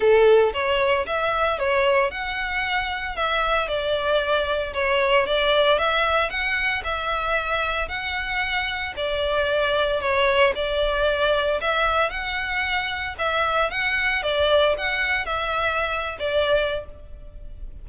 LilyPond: \new Staff \with { instrumentName = "violin" } { \time 4/4 \tempo 4 = 114 a'4 cis''4 e''4 cis''4 | fis''2 e''4 d''4~ | d''4 cis''4 d''4 e''4 | fis''4 e''2 fis''4~ |
fis''4 d''2 cis''4 | d''2 e''4 fis''4~ | fis''4 e''4 fis''4 d''4 | fis''4 e''4.~ e''16 d''4~ d''16 | }